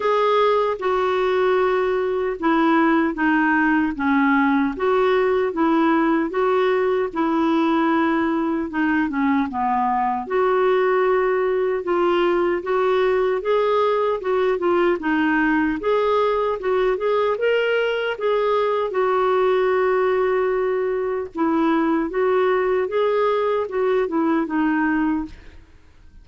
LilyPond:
\new Staff \with { instrumentName = "clarinet" } { \time 4/4 \tempo 4 = 76 gis'4 fis'2 e'4 | dis'4 cis'4 fis'4 e'4 | fis'4 e'2 dis'8 cis'8 | b4 fis'2 f'4 |
fis'4 gis'4 fis'8 f'8 dis'4 | gis'4 fis'8 gis'8 ais'4 gis'4 | fis'2. e'4 | fis'4 gis'4 fis'8 e'8 dis'4 | }